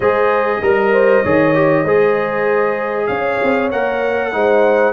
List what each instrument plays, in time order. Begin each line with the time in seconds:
0.00 tuba G#3, trombone G#4, horn C5, trumpet D#5
0.61 tuba G3, horn A#4, trombone A#4
0.92 horn C5
1.23 tuba D#3, trombone G#4, horn C#5
1.54 trombone G4
1.84 tuba G#3, trombone G#4, horn C5
3.06 tuba C#4, horn C#5, trumpet F5
3.43 tuba C4
3.71 tuba A#3, trombone A#4, trumpet F#5
4.32 tuba G#3, trombone D#4, horn C5